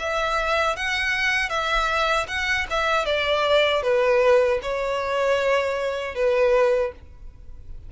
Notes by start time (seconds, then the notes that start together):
0.00 E5
0.76 F#5
1.50 E5
2.28 F#5
2.70 E5
3.06 D5
3.83 B4
4.63 C#5
6.15 B4